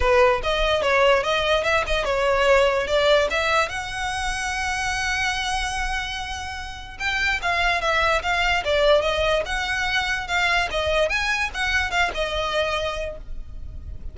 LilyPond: \new Staff \with { instrumentName = "violin" } { \time 4/4 \tempo 4 = 146 b'4 dis''4 cis''4 dis''4 | e''8 dis''8 cis''2 d''4 | e''4 fis''2.~ | fis''1~ |
fis''4 g''4 f''4 e''4 | f''4 d''4 dis''4 fis''4~ | fis''4 f''4 dis''4 gis''4 | fis''4 f''8 dis''2~ dis''8 | }